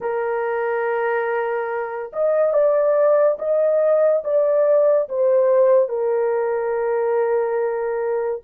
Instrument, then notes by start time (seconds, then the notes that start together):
horn
0.00 A#4
2.12 D#5
2.53 D5
3.38 D#5
4.23 D5
5.08 C5
5.88 A#4